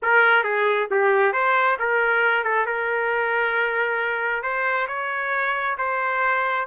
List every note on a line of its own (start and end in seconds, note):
0.02 0.43 A#4
0.43 0.88 G#4
0.90 1.33 G4
1.33 1.77 C5
1.79 2.44 A#4
2.44 2.66 A4
2.66 4.42 A#4
4.42 4.87 C5
4.87 5.76 C#5
5.78 6.67 C5